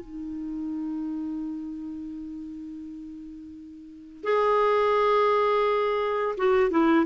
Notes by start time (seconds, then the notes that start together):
0.00 D#4
4.23 G#4
6.37 F#4
6.70 E4